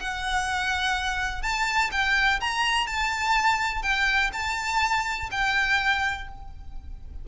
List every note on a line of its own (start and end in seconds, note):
0.00 1.43 F#5
1.43 1.91 A5
1.92 2.40 G5
2.41 2.87 A#5
2.87 3.83 A5
3.83 4.31 G5
4.33 5.30 A5
5.32 6.29 G5